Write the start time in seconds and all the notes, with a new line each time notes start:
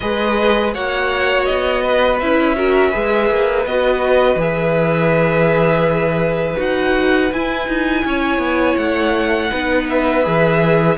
0.00 G#3 G#4 B4 D#5
0.73 A#3 F#4 C#5 F#5
1.45 B3 D#5
1.82 B4
2.19 C#4 E4 E5
2.56 F#4 A#4
2.90 G#3 G#4 B4
3.30 A#3
3.65 B3 F#4 D#5
4.35 E3 G#4
4.41 E5
6.56 D#4 F#4 F#5
7.32 E4 G#5
7.67 D#4
8.05 C#4 C#5
8.38 B3
8.77 A3 F#5
9.50 B3 D#4 B4
9.89 E5
10.23 E3 G#4